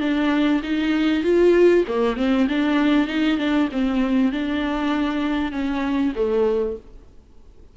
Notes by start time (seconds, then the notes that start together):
0.00 D4
0.63 D#4
1.23 F4
1.88 A#3
2.17 C4
2.48 D4
3.07 D#4
3.38 D4
3.71 C4
4.32 D4
5.51 C#4
6.15 A3